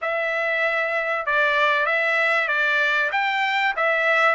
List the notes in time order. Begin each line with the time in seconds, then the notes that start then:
0.01 E5
1.26 D5
1.86 E5
2.47 D5
3.12 G5
3.76 E5